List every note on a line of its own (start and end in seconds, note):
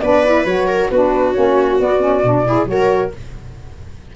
0.00 0.45 B3
0.00 0.25 D4
0.00 0.68 B4
0.00 0.44 D5
0.25 0.47 E4
0.45 0.89 F#3
0.45 0.91 F#4
0.45 0.89 C#5
0.68 0.90 A#4
0.90 1.35 B3
0.90 1.34 D4
0.90 2.47 F#4
0.90 1.32 B4
1.32 1.80 A#3
1.32 1.79 C#4
1.32 1.77 C#5
1.79 1.99 B3
1.79 2.23 B3
1.79 2.67 D5
1.99 2.22 C#4
2.23 2.65 B2
2.23 2.45 D4
2.45 2.66 E4
2.45 2.69 G#4
2.65 3.10 F#3
2.65 3.11 F#4
2.65 3.15 A#4
2.65 3.11 C#5